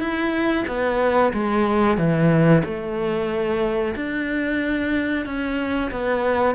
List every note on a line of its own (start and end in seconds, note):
0.00 0.65 E4
0.68 1.33 B3
1.34 1.98 G#3
1.98 2.63 E3
2.65 3.95 A3
3.96 5.26 D4
5.26 5.91 C#4
5.92 6.56 B3